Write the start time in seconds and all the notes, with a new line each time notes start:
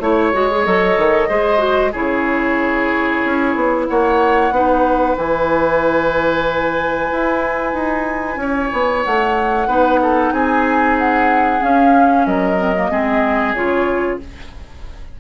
0.00 A3 E4 C#5
0.33 G#3 F#4
0.51 G#4
0.64 F#3 A4 D#5
0.97 D#3
1.28 G#3 G#4 C5
1.58 F#4
1.92 C#3 E4 G#4 C#5
3.24 C#4
3.55 B3
3.87 A#3 C#5 F#5
4.51 B3 D#4 B4
5.17 E3 E4 G#5
7.12 E4
7.73 D#4
8.36 C#4 C#5
8.72 B3
9.04 A3 F#5
9.67 B3 D#4 B4
10.02 A4
10.32 C4 G#4 G#5
10.98 F#5
11.60 C#4 F5
12.26 F#3 A#4 D#5
12.57 C4
12.76 A#3
12.90 G#3 C4 G#4
13.54 C#3 F4 C#5